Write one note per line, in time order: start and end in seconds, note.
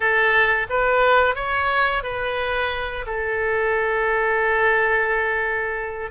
0.00 0.67 A4
0.69 1.35 B4
1.35 2.03 C#5
2.03 3.05 B4
3.06 6.11 A4